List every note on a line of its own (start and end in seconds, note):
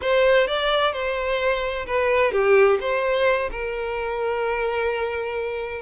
0.01 0.47 C5
0.47 0.93 D5
0.93 1.86 C5
1.86 2.32 B4
2.32 2.78 G4
2.80 3.50 C5
3.51 5.81 A#4